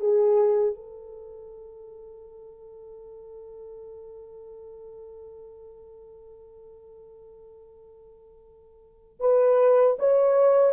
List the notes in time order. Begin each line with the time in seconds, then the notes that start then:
0.00 G#4
0.75 A4
9.20 B4
9.99 C#5